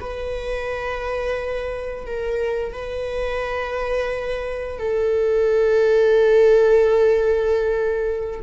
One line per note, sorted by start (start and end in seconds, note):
0.00 2.06 B4
2.06 2.72 A#4
2.72 4.78 B4
4.78 8.40 A4